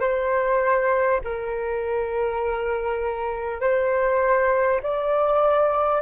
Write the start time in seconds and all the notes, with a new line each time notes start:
0.00 C5
1.24 A#4
3.61 C5
4.82 D5